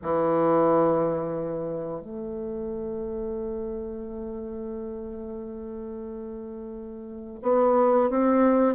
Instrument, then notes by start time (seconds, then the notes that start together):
bassoon
0.02 E3
2.00 A3
7.42 B3
8.09 C4